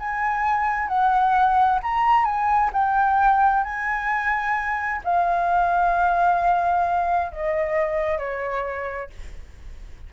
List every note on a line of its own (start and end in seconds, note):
0.00 0.88 G#5
0.88 1.80 F#5
1.83 2.25 A#5
2.25 2.71 G#5
2.73 3.64 G5
3.64 5.02 G#5
5.05 7.32 F5
7.32 8.19 D#5
8.19 9.10 C#5